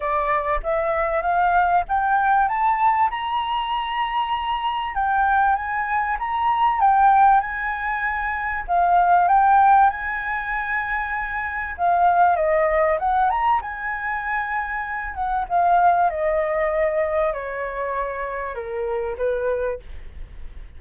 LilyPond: \new Staff \with { instrumentName = "flute" } { \time 4/4 \tempo 4 = 97 d''4 e''4 f''4 g''4 | a''4 ais''2. | g''4 gis''4 ais''4 g''4 | gis''2 f''4 g''4 |
gis''2. f''4 | dis''4 fis''8 ais''8 gis''2~ | gis''8 fis''8 f''4 dis''2 | cis''2 ais'4 b'4 | }